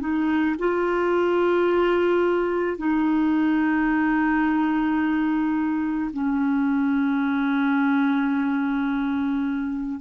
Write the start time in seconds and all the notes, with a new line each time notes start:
0.00 D#4
0.59 F4
2.78 D#4
6.13 C#4